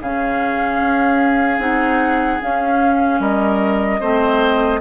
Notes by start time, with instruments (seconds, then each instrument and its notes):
0.00 bassoon C#3, clarinet C#4, oboe G#4, flute F5
0.80 bassoon C#4
1.58 bassoon C4, clarinet D#4, flute F#5
2.41 clarinet C#4, bassoon C#4, flute F5
3.19 bassoon G3, oboe A#4, flute D#5
4.00 bassoon A3, clarinet C4, oboe C5